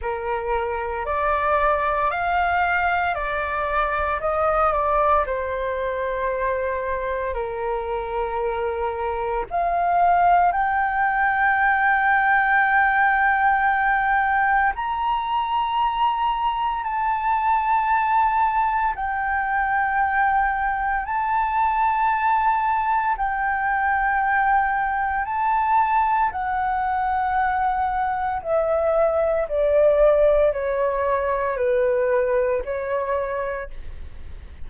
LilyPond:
\new Staff \with { instrumentName = "flute" } { \time 4/4 \tempo 4 = 57 ais'4 d''4 f''4 d''4 | dis''8 d''8 c''2 ais'4~ | ais'4 f''4 g''2~ | g''2 ais''2 |
a''2 g''2 | a''2 g''2 | a''4 fis''2 e''4 | d''4 cis''4 b'4 cis''4 | }